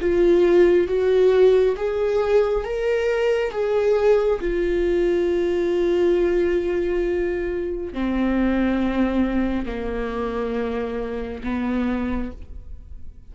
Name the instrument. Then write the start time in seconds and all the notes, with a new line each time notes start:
viola
0.00 F4
0.87 F#4
1.76 G#4
2.64 A#4
3.51 G#4
4.40 F4
7.93 C4
9.65 A#3
11.43 B3